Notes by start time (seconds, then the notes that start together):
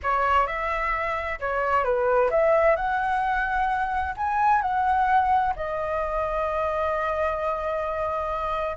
0.02 C#5
0.46 E5
1.39 C#5
1.84 B4
2.30 E5
2.76 F#5
4.16 G#5
4.61 F#5
5.56 D#5